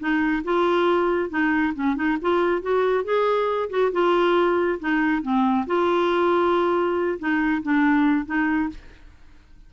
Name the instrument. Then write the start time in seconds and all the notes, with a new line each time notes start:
clarinet
0.00 D#4
0.45 F4
1.30 D#4
1.75 C#4
1.96 D#4
2.22 F4
2.62 F#4
3.05 G#4
3.70 F#4
3.92 F4
4.80 D#4
5.23 C4
5.67 F4
7.19 D#4
7.63 D4
8.26 D#4